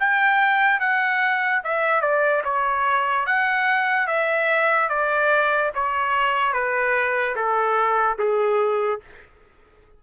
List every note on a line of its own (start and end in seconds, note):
0.00 0.80 G5
0.80 1.62 F#5
1.64 2.01 E5
2.01 2.42 D5
2.44 3.26 C#5
3.26 4.07 F#5
4.07 4.89 E5
4.89 5.71 D5
5.75 6.53 C#5
6.53 7.35 B4
7.36 8.18 A4
8.19 9.01 G#4